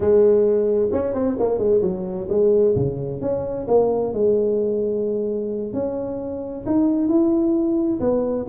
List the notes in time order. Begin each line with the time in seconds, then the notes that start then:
0.00 G#3
0.91 C#4
1.14 C4
1.39 A#3
1.58 G#3
1.81 F#3
2.29 G#3
2.75 C#3
3.21 C#4
3.67 A#3
4.13 G#3
5.73 C#4
6.66 D#4
7.07 E4
8.00 B3